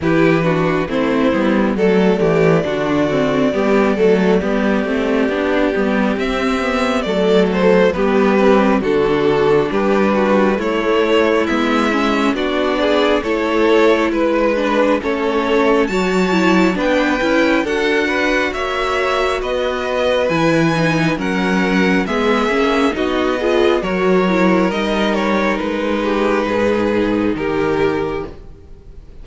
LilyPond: <<
  \new Staff \with { instrumentName = "violin" } { \time 4/4 \tempo 4 = 68 b'4 c''4 d''2~ | d''2. e''4 | d''8 c''8 b'4 a'4 b'4 | cis''4 e''4 d''4 cis''4 |
b'4 cis''4 a''4 g''4 | fis''4 e''4 dis''4 gis''4 | fis''4 e''4 dis''4 cis''4 | dis''8 cis''8 b'2 ais'4 | }
  \new Staff \with { instrumentName = "violin" } { \time 4/4 g'8 fis'8 e'4 a'8 g'8 fis'4 | g'8 a'8 g'2. | a'4 g'4 fis'4 g'8 fis'8 | e'2 fis'8 gis'8 a'4 |
b'4 a'4 cis''4 b'4 | a'8 b'8 cis''4 b'2 | ais'4 gis'4 fis'8 gis'8 ais'4~ | ais'4. g'8 gis'4 g'4 | }
  \new Staff \with { instrumentName = "viola" } { \time 4/4 e'8 d'8 c'8 b8 a4 d'8 c'8 | b8 a8 b8 c'8 d'8 b8 c'8 b8 | a4 b8 c'8 d'2 | a4 b8 cis'8 d'4 e'4~ |
e'8 d'8 cis'4 fis'8 e'8 d'8 e'8 | fis'2. e'8 dis'8 | cis'4 b8 cis'8 dis'8 f'8 fis'8 e'8 | dis'1 | }
  \new Staff \with { instrumentName = "cello" } { \time 4/4 e4 a8 g8 fis8 e8 d4 | g8 fis8 g8 a8 b8 g8 c'4 | fis4 g4 d4 g4 | a4 gis4 b4 a4 |
gis4 a4 fis4 b8 cis'8 | d'4 ais4 b4 e4 | fis4 gis8 ais8 b4 fis4 | g4 gis4 gis,4 dis4 | }
>>